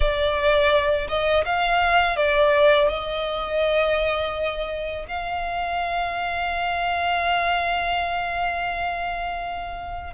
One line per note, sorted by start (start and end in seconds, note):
0.00 1.07 D5
1.08 1.44 D#5
1.45 2.16 F5
2.16 2.88 D5
2.88 5.05 D#5
5.08 10.13 F5